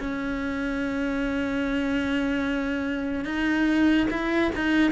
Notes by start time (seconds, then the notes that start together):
0.00 C#4
3.25 D#4
4.11 E4
4.56 D#4